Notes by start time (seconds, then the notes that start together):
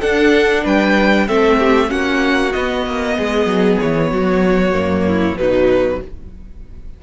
0.00 D4 A4 F#5
0.63 G3 B4 G5
1.27 A3 C4 A4 E5
1.59 G4
1.88 A#3 C#4 F#4 F#5
2.52 B3 D#5
2.86 A#3
3.16 G#3 G#4
3.46 F#3
3.80 E3 C#5
4.10 F#3 F#4
4.73 F#2 A#3
5.07 E4
5.35 B2 F#3 D#4 B4